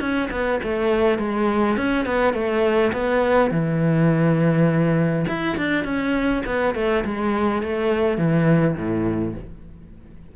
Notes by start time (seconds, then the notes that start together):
0.00 C#4
0.31 B3
0.64 A3
1.19 G#3
1.77 C#4
2.06 B3
2.34 A3
2.93 B3
3.51 E3
5.28 E4
5.57 D4
5.85 C#4
6.46 B3
6.75 A3
7.05 G#3
7.63 A3
8.18 E3
8.76 A2